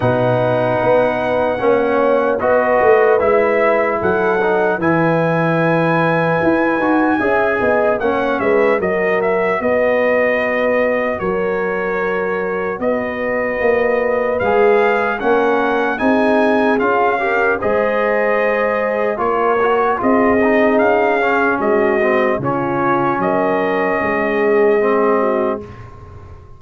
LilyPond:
<<
  \new Staff \with { instrumentName = "trumpet" } { \time 4/4 \tempo 4 = 75 fis''2. dis''4 | e''4 fis''4 gis''2~ | gis''2 fis''8 e''8 dis''8 e''8 | dis''2 cis''2 |
dis''2 f''4 fis''4 | gis''4 f''4 dis''2 | cis''4 dis''4 f''4 dis''4 | cis''4 dis''2. | }
  \new Staff \with { instrumentName = "horn" } { \time 4/4 b'2 cis''4 b'4~ | b'4 a'4 b'2~ | b'4 e''8 dis''8 cis''8 b'8 ais'4 | b'2 ais'2 |
b'2. ais'4 | gis'4. ais'8 c''2 | ais'4 gis'2 fis'4 | f'4 ais'4 gis'4. fis'8 | }
  \new Staff \with { instrumentName = "trombone" } { \time 4/4 dis'2 cis'4 fis'4 | e'4. dis'8 e'2~ | e'8 fis'8 gis'4 cis'4 fis'4~ | fis'1~ |
fis'2 gis'4 cis'4 | dis'4 f'8 g'8 gis'2 | f'8 fis'8 f'8 dis'4 cis'4 c'8 | cis'2. c'4 | }
  \new Staff \with { instrumentName = "tuba" } { \time 4/4 b,4 b4 ais4 b8 a8 | gis4 fis4 e2 | e'8 dis'8 cis'8 b8 ais8 gis8 fis4 | b2 fis2 |
b4 ais4 gis4 ais4 | c'4 cis'4 gis2 | ais4 c'4 cis'4 gis4 | cis4 fis4 gis2 | }
>>